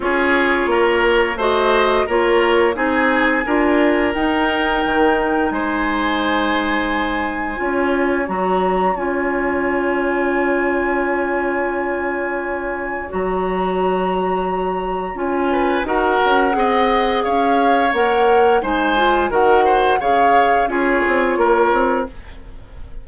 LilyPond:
<<
  \new Staff \with { instrumentName = "flute" } { \time 4/4 \tempo 4 = 87 cis''2 dis''4 cis''4 | gis''2 g''2 | gis''1 | ais''4 gis''2.~ |
gis''2. ais''4~ | ais''2 gis''4 fis''4~ | fis''4 f''4 fis''4 gis''4 | fis''4 f''4 cis''2 | }
  \new Staff \with { instrumentName = "oboe" } { \time 4/4 gis'4 ais'4 c''4 ais'4 | gis'4 ais'2. | c''2. cis''4~ | cis''1~ |
cis''1~ | cis''2~ cis''8 b'8 ais'4 | dis''4 cis''2 c''4 | ais'8 c''8 cis''4 gis'4 ais'4 | }
  \new Staff \with { instrumentName = "clarinet" } { \time 4/4 f'2 fis'4 f'4 | dis'4 f'4 dis'2~ | dis'2. f'4 | fis'4 f'2.~ |
f'2. fis'4~ | fis'2 f'4 fis'4 | gis'2 ais'4 dis'8 f'8 | fis'4 gis'4 f'2 | }
  \new Staff \with { instrumentName = "bassoon" } { \time 4/4 cis'4 ais4 a4 ais4 | c'4 d'4 dis'4 dis4 | gis2. cis'4 | fis4 cis'2.~ |
cis'2. fis4~ | fis2 cis'4 dis'8 cis'8 | c'4 cis'4 ais4 gis4 | dis4 cis4 cis'8 c'8 ais8 c'8 | }
>>